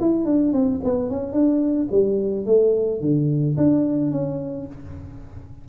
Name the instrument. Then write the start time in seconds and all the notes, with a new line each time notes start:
tuba
0.00 E4
0.25 D4
0.53 C4
0.84 B3
1.10 C#4
1.33 D4
1.91 G3
2.46 A3
3.01 D3
3.57 D4
4.11 C#4